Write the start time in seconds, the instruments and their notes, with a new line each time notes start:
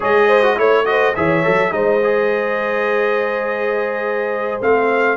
0.00 tuba G#3, trombone G#4, horn C#5, trumpet D#5
0.28 horn C5
0.42 trombone F#4
0.56 tuba A3, trombone E4, horn C#5, trumpet C#5
0.85 trombone F#4, horn C5, trumpet D#5
1.15 tuba E3, trombone G#4, horn C#5, trumpet E5
1.43 tuba F#3, trombone A4
1.71 tuba G#3, trombone D#4, horn C5, trumpet D#5
2.03 trombone G#4
4.60 tuba A3, trombone C4, trumpet F5